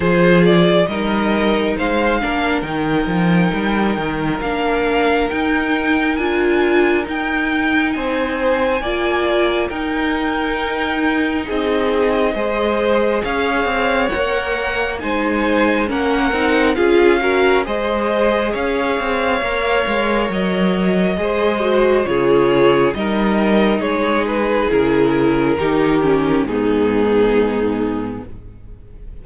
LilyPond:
<<
  \new Staff \with { instrumentName = "violin" } { \time 4/4 \tempo 4 = 68 c''8 d''8 dis''4 f''4 g''4~ | g''4 f''4 g''4 gis''4 | g''4 gis''2 g''4~ | g''4 dis''2 f''4 |
fis''4 gis''4 fis''4 f''4 | dis''4 f''2 dis''4~ | dis''4 cis''4 dis''4 cis''8 b'8 | ais'2 gis'2 | }
  \new Staff \with { instrumentName = "violin" } { \time 4/4 gis'4 ais'4 c''8 ais'4.~ | ais'1~ | ais'4 c''4 d''4 ais'4~ | ais'4 gis'4 c''4 cis''4~ |
cis''4 c''4 ais'4 gis'8 ais'8 | c''4 cis''2. | c''4 gis'4 ais'4 gis'4~ | gis'4 g'4 dis'2 | }
  \new Staff \with { instrumentName = "viola" } { \time 4/4 f'4 dis'4. d'8 dis'4~ | dis'4 d'4 dis'4 f'4 | dis'2 f'4 dis'4~ | dis'2 gis'2 |
ais'4 dis'4 cis'8 dis'8 f'8 fis'8 | gis'2 ais'2 | gis'8 fis'8 f'4 dis'2 | e'4 dis'8 cis'8 b2 | }
  \new Staff \with { instrumentName = "cello" } { \time 4/4 f4 g4 gis8 ais8 dis8 f8 | g8 dis8 ais4 dis'4 d'4 | dis'4 c'4 ais4 dis'4~ | dis'4 c'4 gis4 cis'8 c'8 |
ais4 gis4 ais8 c'8 cis'4 | gis4 cis'8 c'8 ais8 gis8 fis4 | gis4 cis4 g4 gis4 | cis4 dis4 gis,2 | }
>>